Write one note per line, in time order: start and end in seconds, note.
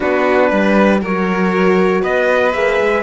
0.00 0.51 B3
0.00 1.02 D4
0.00 0.49 F#4
0.00 1.02 B4
0.49 1.01 G3
0.49 1.00 B4
1.01 2.02 F#3
1.01 2.53 F#4
1.01 2.01 A#4
1.01 2.03 C#5
2.01 2.54 B3
2.01 3.02 B4
2.01 2.52 D#5
2.52 2.79 A#3
2.52 3.02 G#4
2.52 3.02 E5
2.81 3.02 G#3